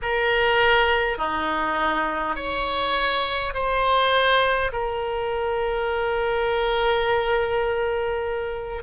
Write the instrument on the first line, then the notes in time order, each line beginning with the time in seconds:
oboe
0.02 A#4
1.18 D#4
2.35 C#5
3.53 C5
4.72 A#4